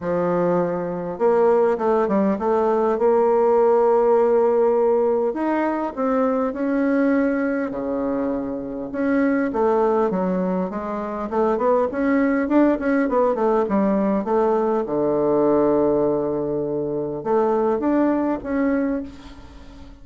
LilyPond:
\new Staff \with { instrumentName = "bassoon" } { \time 4/4 \tempo 4 = 101 f2 ais4 a8 g8 | a4 ais2.~ | ais4 dis'4 c'4 cis'4~ | cis'4 cis2 cis'4 |
a4 fis4 gis4 a8 b8 | cis'4 d'8 cis'8 b8 a8 g4 | a4 d2.~ | d4 a4 d'4 cis'4 | }